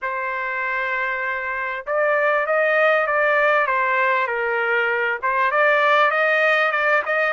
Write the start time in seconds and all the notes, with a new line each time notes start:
0.01 C5
1.86 D5
2.46 D#5
3.06 D5
3.66 C5
4.27 A#4
5.22 C5
5.51 D5
6.11 D#5
6.71 D5
7.05 D#5